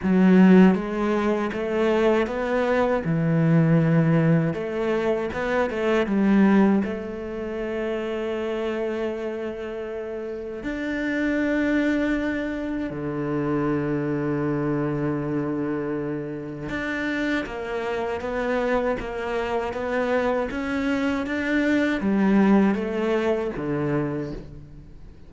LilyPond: \new Staff \with { instrumentName = "cello" } { \time 4/4 \tempo 4 = 79 fis4 gis4 a4 b4 | e2 a4 b8 a8 | g4 a2.~ | a2 d'2~ |
d'4 d2.~ | d2 d'4 ais4 | b4 ais4 b4 cis'4 | d'4 g4 a4 d4 | }